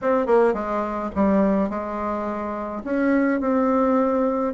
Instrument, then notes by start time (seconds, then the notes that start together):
bassoon
0.01 C4
0.26 A#3
0.53 G#3
1.15 G3
1.69 G#3
2.84 C#4
3.40 C4